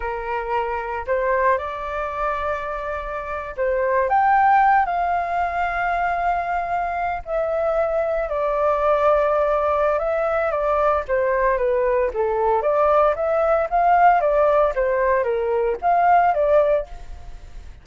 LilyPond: \new Staff \with { instrumentName = "flute" } { \time 4/4 \tempo 4 = 114 ais'2 c''4 d''4~ | d''2~ d''8. c''4 g''16~ | g''4~ g''16 f''2~ f''8.~ | f''4.~ f''16 e''2 d''16~ |
d''2. e''4 | d''4 c''4 b'4 a'4 | d''4 e''4 f''4 d''4 | c''4 ais'4 f''4 d''4 | }